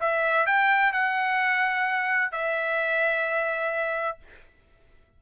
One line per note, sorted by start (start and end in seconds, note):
0.00 0.46 E5
0.46 0.93 G5
0.93 2.32 F#5
2.32 4.18 E5